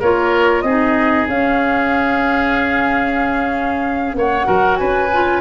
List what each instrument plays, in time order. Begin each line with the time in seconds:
0.00 tuba A#3, clarinet F4, oboe A#4, flute C#5
0.62 tuba C4, clarinet D#4, oboe G#4, flute D#5
1.28 tuba C#4, clarinet C#4, flute F5
4.15 tuba A#3, oboe C#5, flute F#5
4.45 tuba F#3, clarinet F#4, oboe A#4
4.76 tuba C#4, oboe B4, flute G#5
5.13 clarinet F4